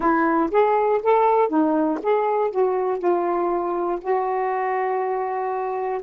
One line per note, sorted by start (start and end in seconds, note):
0.00 0.50 E4
0.51 1.01 G#4
1.02 1.49 A4
1.49 1.99 D#4
2.02 2.50 G#4
2.50 2.98 F#4
2.98 3.98 F4
4.01 6.01 F#4